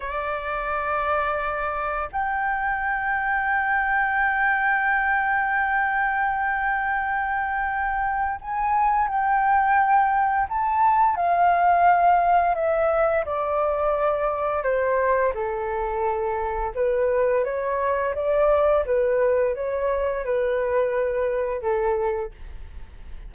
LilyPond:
\new Staff \with { instrumentName = "flute" } { \time 4/4 \tempo 4 = 86 d''2. g''4~ | g''1~ | g''1 | gis''4 g''2 a''4 |
f''2 e''4 d''4~ | d''4 c''4 a'2 | b'4 cis''4 d''4 b'4 | cis''4 b'2 a'4 | }